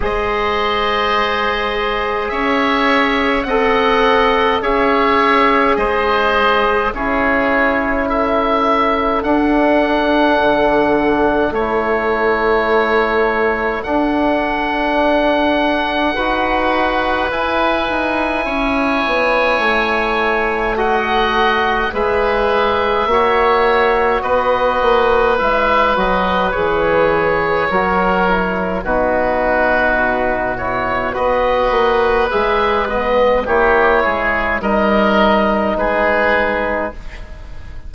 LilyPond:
<<
  \new Staff \with { instrumentName = "oboe" } { \time 4/4 \tempo 4 = 52 dis''2 e''4 fis''4 | e''4 dis''4 cis''4 e''4 | fis''2 cis''2 | fis''2. gis''4~ |
gis''2 fis''4 e''4~ | e''4 dis''4 e''8 dis''8 cis''4~ | cis''4 b'4. cis''8 dis''4 | e''8 dis''8 cis''4 dis''4 b'4 | }
  \new Staff \with { instrumentName = "oboe" } { \time 4/4 c''2 cis''4 dis''4 | cis''4 c''4 gis'4 a'4~ | a'1~ | a'2 b'2 |
cis''2 dis''4 b'4 | cis''4 b'2. | ais'4 fis'2 b'4~ | b'4 g'8 gis'8 ais'4 gis'4 | }
  \new Staff \with { instrumentName = "trombone" } { \time 4/4 gis'2. a'4 | gis'2 e'2 | d'2 e'2 | d'2 fis'4 e'4~ |
e'2 fis'4 gis'4 | fis'2 e'8 fis'8 gis'4 | fis'8 e'8 dis'4. e'8 fis'4 | gis'8 b8 e'4 dis'2 | }
  \new Staff \with { instrumentName = "bassoon" } { \time 4/4 gis2 cis'4 c'4 | cis'4 gis4 cis'2 | d'4 d4 a2 | d'2 dis'4 e'8 dis'8 |
cis'8 b8 a2 gis4 | ais4 b8 ais8 gis8 fis8 e4 | fis4 b,2 b8 ais8 | gis4 ais8 gis8 g4 gis4 | }
>>